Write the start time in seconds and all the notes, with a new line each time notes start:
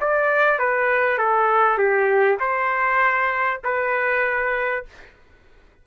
0.00 D5
0.59 B4
1.18 A4
1.78 G4
2.39 C5
3.64 B4